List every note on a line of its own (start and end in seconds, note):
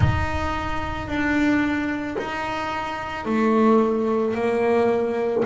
0.00 1.08 D#4
1.08 2.17 D4
2.18 3.25 D#4
3.25 4.34 A3
4.34 5.43 A#3